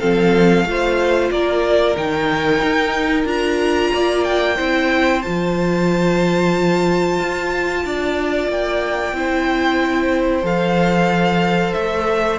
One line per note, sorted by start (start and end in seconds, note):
0.00 0.65 F3
0.00 0.65 C4
0.00 0.65 A4
0.00 1.30 F5
0.65 1.30 A3
0.65 1.96 F4
0.65 1.32 C5
1.31 1.96 A#3
1.31 3.92 A#4
1.31 1.96 D5
1.96 2.62 D#3
1.96 3.25 D#4
1.96 3.27 G5
2.63 3.24 D#4
3.24 3.90 D4
3.24 4.56 F4
3.24 4.24 A#5
3.92 4.59 A#3
3.92 4.56 D5
4.24 5.22 G5
4.56 5.25 C4
4.56 5.22 E4
4.56 7.82 C5
5.22 7.19 F3
5.22 9.15 F4
5.22 8.48 A5
7.19 7.85 F4
7.85 8.48 D4
7.85 9.16 D5
8.48 9.12 A#3
8.48 10.46 G5
9.12 10.43 C4
9.12 10.43 E4
9.12 12.39 C5
10.43 11.73 F3
10.43 12.38 A4
10.43 11.73 F5
11.73 12.39 A3
11.73 12.38 E5